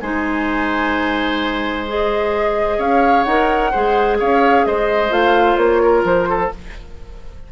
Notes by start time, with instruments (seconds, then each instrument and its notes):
0.00 bassoon G#3, clarinet D#4, oboe C5, flute G#5
1.87 clarinet G#4, flute D#5
2.78 bassoon C#4, oboe C#5, flute F5
3.23 bassoon D#4, clarinet A#4, flute F#5
3.71 bassoon G#3, clarinet G#4, oboe C5
4.19 bassoon C#4, oboe C#5, flute F5
4.66 bassoon G#3, oboe C5, flute D#5
5.09 bassoon A3, clarinet F4, flute F5
5.56 bassoon A#3, flute C#5
5.82 oboe A#4
6.04 bassoon F3, flute C5
6.29 oboe A4